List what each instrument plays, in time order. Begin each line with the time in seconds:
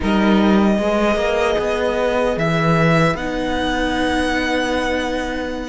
0.00 cello G3, viola D#4, violin A#4 D#5
0.78 cello G#3, viola G#4, violin B4
1.16 cello A#3
1.58 cello B3
2.36 cello E3, violin E5
3.14 cello B3, viola D#4, violin F#5